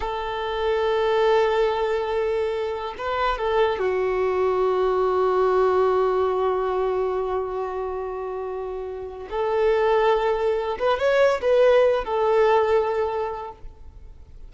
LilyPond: \new Staff \with { instrumentName = "violin" } { \time 4/4 \tempo 4 = 142 a'1~ | a'2. b'4 | a'4 fis'2.~ | fis'1~ |
fis'1~ | fis'2 a'2~ | a'4. b'8 cis''4 b'4~ | b'8 a'2.~ a'8 | }